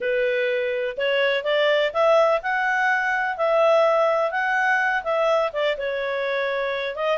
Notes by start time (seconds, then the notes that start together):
0.00 B4
0.97 C#5
1.43 D5
1.93 E5
2.42 F#5
3.37 E5
4.31 F#5
5.03 E5
5.52 D5
5.77 C#5
6.95 D#5